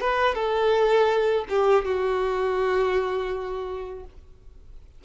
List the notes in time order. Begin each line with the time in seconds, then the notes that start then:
0.00 B4
0.35 A4
1.49 G4
1.84 F#4